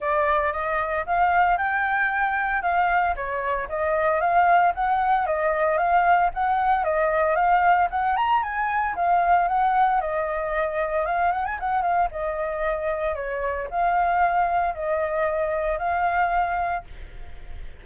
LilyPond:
\new Staff \with { instrumentName = "flute" } { \time 4/4 \tempo 4 = 114 d''4 dis''4 f''4 g''4~ | g''4 f''4 cis''4 dis''4 | f''4 fis''4 dis''4 f''4 | fis''4 dis''4 f''4 fis''8 ais''8 |
gis''4 f''4 fis''4 dis''4~ | dis''4 f''8 fis''16 gis''16 fis''8 f''8 dis''4~ | dis''4 cis''4 f''2 | dis''2 f''2 | }